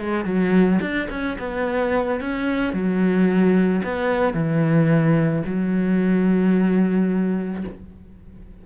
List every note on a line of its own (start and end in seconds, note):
0.00 0.25 G#3
0.25 0.79 F#3
0.81 1.08 D4
1.10 1.37 C#4
1.39 2.20 B3
2.20 2.73 C#4
2.73 3.82 F#3
3.84 4.34 B3
4.34 5.43 E3
5.46 7.64 F#3